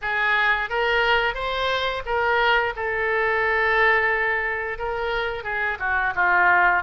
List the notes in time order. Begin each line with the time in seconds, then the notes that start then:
0.01 G#4
0.69 A#4
1.34 C5
2.05 A#4
2.76 A4
4.78 A#4
5.43 G#4
5.79 F#4
6.15 F4